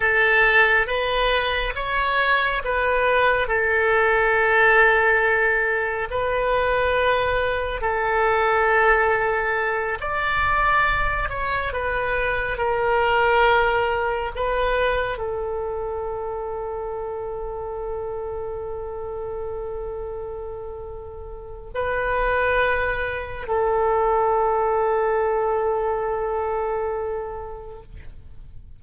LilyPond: \new Staff \with { instrumentName = "oboe" } { \time 4/4 \tempo 4 = 69 a'4 b'4 cis''4 b'4 | a'2. b'4~ | b'4 a'2~ a'8 d''8~ | d''4 cis''8 b'4 ais'4.~ |
ais'8 b'4 a'2~ a'8~ | a'1~ | a'4 b'2 a'4~ | a'1 | }